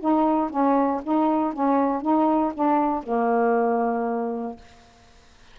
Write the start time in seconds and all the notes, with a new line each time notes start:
0.00 D#4
0.51 C#4
1.03 D#4
1.54 C#4
2.02 D#4
2.55 D4
3.03 A#3